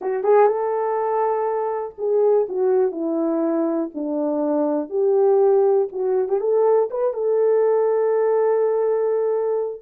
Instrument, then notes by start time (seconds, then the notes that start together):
horn
0.01 F#4
0.23 G#4
0.47 A4
1.98 G#4
2.48 F#4
2.92 E4
3.94 D4
4.89 G4
5.92 F#4
6.28 G4
6.40 A4
6.90 B4
7.13 A4